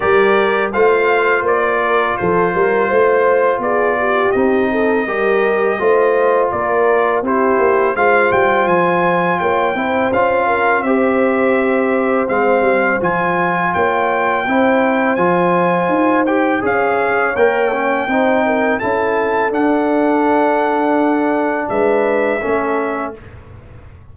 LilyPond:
<<
  \new Staff \with { instrumentName = "trumpet" } { \time 4/4 \tempo 4 = 83 d''4 f''4 d''4 c''4~ | c''4 d''4 dis''2~ | dis''4 d''4 c''4 f''8 g''8 | gis''4 g''4 f''4 e''4~ |
e''4 f''4 gis''4 g''4~ | g''4 gis''4. g''8 f''4 | g''2 a''4 fis''4~ | fis''2 e''2 | }
  \new Staff \with { instrumentName = "horn" } { \time 4/4 ais'4 c''4. ais'8 a'8 ais'8 | c''4 gis'8 g'4 a'8 ais'4 | c''4 ais'4 g'4 c''4~ | c''4 cis''8 c''4 ais'8 c''4~ |
c''2. cis''4 | c''2. cis''4~ | cis''4 c''8 ais'8 a'2~ | a'2 b'4 a'4 | }
  \new Staff \with { instrumentName = "trombone" } { \time 4/4 g'4 f'2.~ | f'2 dis'4 g'4 | f'2 e'4 f'4~ | f'4. e'8 f'4 g'4~ |
g'4 c'4 f'2 | e'4 f'4. g'8 gis'4 | ais'8 cis'8 dis'4 e'4 d'4~ | d'2. cis'4 | }
  \new Staff \with { instrumentName = "tuba" } { \time 4/4 g4 a4 ais4 f8 g8 | a4 b4 c'4 g4 | a4 ais4 c'8 ais8 gis8 g8 | f4 ais8 c'8 cis'4 c'4~ |
c'4 gis8 g8 f4 ais4 | c'4 f4 dis'4 cis'4 | ais4 c'4 cis'4 d'4~ | d'2 gis4 a4 | }
>>